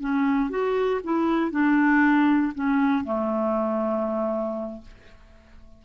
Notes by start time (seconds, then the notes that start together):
0.00 C#4
0.50 F#4
1.04 E4
1.51 D4
2.54 C#4
3.04 A3